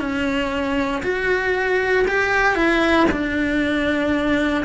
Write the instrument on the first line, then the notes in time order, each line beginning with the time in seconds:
cello
0.00 C#4
1.03 F#4
2.08 G4
2.55 E4
3.11 D4